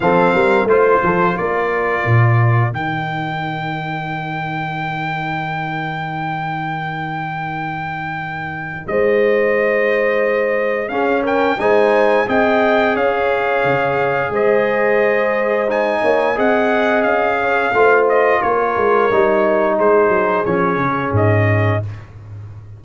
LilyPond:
<<
  \new Staff \with { instrumentName = "trumpet" } { \time 4/4 \tempo 4 = 88 f''4 c''4 d''2 | g''1~ | g''1~ | g''4 dis''2. |
f''8 g''8 gis''4 g''4 f''4~ | f''4 dis''2 gis''4 | fis''4 f''4. dis''8 cis''4~ | cis''4 c''4 cis''4 dis''4 | }
  \new Staff \with { instrumentName = "horn" } { \time 4/4 a'8 ais'8 c''8 a'8 ais'2~ | ais'1~ | ais'1~ | ais'4 c''2. |
gis'8 ais'8 c''4 dis''4 cis''4~ | cis''4 c''2~ c''8 cis''8 | dis''4. cis''8 c''4 ais'4~ | ais'4 gis'2. | }
  \new Staff \with { instrumentName = "trombone" } { \time 4/4 c'4 f'2. | dis'1~ | dis'1~ | dis'1 |
cis'4 dis'4 gis'2~ | gis'2. dis'4 | gis'2 f'2 | dis'2 cis'2 | }
  \new Staff \with { instrumentName = "tuba" } { \time 4/4 f8 g8 a8 f8 ais4 ais,4 | dis1~ | dis1~ | dis4 gis2. |
cis'4 gis4 c'4 cis'4 | cis4 gis2~ gis8 ais8 | c'4 cis'4 a4 ais8 gis8 | g4 gis8 fis8 f8 cis8 gis,4 | }
>>